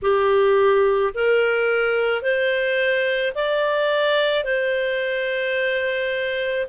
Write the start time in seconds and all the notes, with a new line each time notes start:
0.02 G4
1.14 A#4
2.22 C5
3.34 D5
4.44 C5